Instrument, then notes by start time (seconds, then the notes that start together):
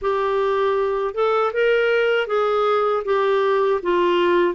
clarinet
0.01 G4
1.14 A4
1.53 A#4
2.27 G#4
3.04 G4
3.82 F4